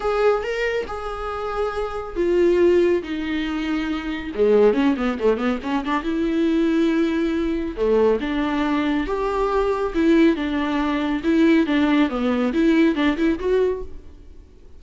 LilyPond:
\new Staff \with { instrumentName = "viola" } { \time 4/4 \tempo 4 = 139 gis'4 ais'4 gis'2~ | gis'4 f'2 dis'4~ | dis'2 gis4 cis'8 b8 | a8 b8 cis'8 d'8 e'2~ |
e'2 a4 d'4~ | d'4 g'2 e'4 | d'2 e'4 d'4 | b4 e'4 d'8 e'8 fis'4 | }